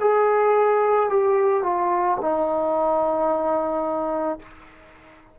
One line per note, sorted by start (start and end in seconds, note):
0.00 1.09 G#4
1.09 1.63 G4
1.63 2.18 F4
2.21 4.39 D#4